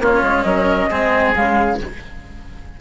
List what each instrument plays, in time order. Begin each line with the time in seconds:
0.00 bassoon A#3, cello C#4, oboe F4, flute C#5
0.22 bassoon G#3
0.42 bassoon F#3, oboe A#4, flute D#5
0.89 bassoon G#3, cello C4, oboe G#4
1.35 bassoon C#3, cello G#3, flute F5